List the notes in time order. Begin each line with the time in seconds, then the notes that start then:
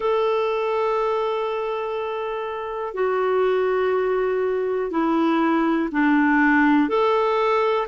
0.00 A4
2.94 F#4
4.90 E4
5.91 D4
6.89 A4